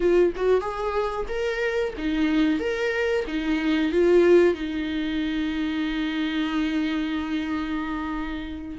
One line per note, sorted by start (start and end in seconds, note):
0.00 0.33 F4
0.36 0.60 F#4
0.60 1.26 G#4
1.28 1.93 A#4
1.97 2.59 D#4
2.59 3.25 A#4
3.27 3.92 D#4
3.92 4.54 F4
4.54 8.78 D#4